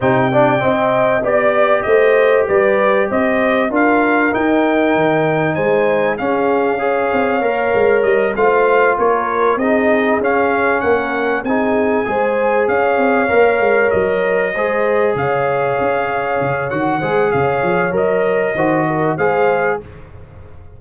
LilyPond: <<
  \new Staff \with { instrumentName = "trumpet" } { \time 4/4 \tempo 4 = 97 g''2 d''4 dis''4 | d''4 dis''4 f''4 g''4~ | g''4 gis''4 f''2~ | f''4 dis''8 f''4 cis''4 dis''8~ |
dis''8 f''4 fis''4 gis''4.~ | gis''8 f''2 dis''4.~ | dis''8 f''2~ f''8 fis''4 | f''4 dis''2 f''4 | }
  \new Staff \with { instrumentName = "horn" } { \time 4/4 c''8 d''8 dis''4 d''4 c''4 | b'4 c''4 ais'2~ | ais'4 c''4 gis'4 cis''4~ | cis''4. c''4 ais'4 gis'8~ |
gis'4. ais'4 gis'4 c''8~ | c''8 cis''2. c''8~ | c''8 cis''2. c''8 | cis''2 c''8 ais'8 c''4 | }
  \new Staff \with { instrumentName = "trombone" } { \time 4/4 dis'8 d'8 c'4 g'2~ | g'2 f'4 dis'4~ | dis'2 cis'4 gis'4 | ais'4. f'2 dis'8~ |
dis'8 cis'2 dis'4 gis'8~ | gis'4. ais'2 gis'8~ | gis'2. fis'8 gis'8~ | gis'4 ais'4 fis'4 gis'4 | }
  \new Staff \with { instrumentName = "tuba" } { \time 4/4 c4 c'4 b4 a4 | g4 c'4 d'4 dis'4 | dis4 gis4 cis'4. c'8 | ais8 gis8 g8 a4 ais4 c'8~ |
c'8 cis'4 ais4 c'4 gis8~ | gis8 cis'8 c'8 ais8 gis8 fis4 gis8~ | gis8 cis4 cis'4 cis8 dis8 gis8 | cis8 f8 fis4 dis4 gis4 | }
>>